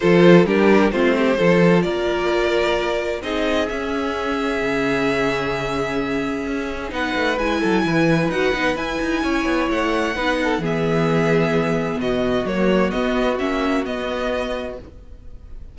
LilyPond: <<
  \new Staff \with { instrumentName = "violin" } { \time 4/4 \tempo 4 = 130 c''4 ais'4 c''2 | d''2. dis''4 | e''1~ | e''2. fis''4 |
gis''2 fis''4 gis''4~ | gis''4 fis''2 e''4~ | e''2 dis''4 cis''4 | dis''4 e''4 dis''2 | }
  \new Staff \with { instrumentName = "violin" } { \time 4/4 a'4 g'4 f'8 g'8 a'4 | ais'2. gis'4~ | gis'1~ | gis'2. b'4~ |
b'8 a'8 b'2. | cis''2 b'8 a'8 gis'4~ | gis'2 fis'2~ | fis'1 | }
  \new Staff \with { instrumentName = "viola" } { \time 4/4 f'4 d'4 c'4 f'4~ | f'2. dis'4 | cis'1~ | cis'2. dis'4 |
e'2 fis'8 dis'8 e'4~ | e'2 dis'4 b4~ | b2. ais4 | b4 cis'4 b2 | }
  \new Staff \with { instrumentName = "cello" } { \time 4/4 f4 g4 a4 f4 | ais2. c'4 | cis'2 cis2~ | cis2 cis'4 b8 a8 |
gis8 fis8 e4 dis'8 b8 e'8 dis'8 | cis'8 b8 a4 b4 e4~ | e2 b,4 fis4 | b4 ais4 b2 | }
>>